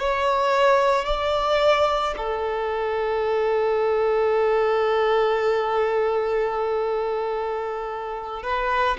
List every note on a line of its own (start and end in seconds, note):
0.00 1.06 C#5
1.06 2.15 D5
2.18 8.43 A4
8.43 8.98 B4